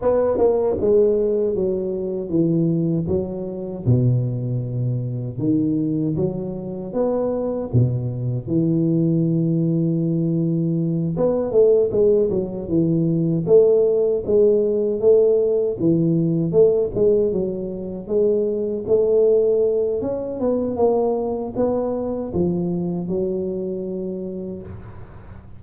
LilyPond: \new Staff \with { instrumentName = "tuba" } { \time 4/4 \tempo 4 = 78 b8 ais8 gis4 fis4 e4 | fis4 b,2 dis4 | fis4 b4 b,4 e4~ | e2~ e8 b8 a8 gis8 |
fis8 e4 a4 gis4 a8~ | a8 e4 a8 gis8 fis4 gis8~ | gis8 a4. cis'8 b8 ais4 | b4 f4 fis2 | }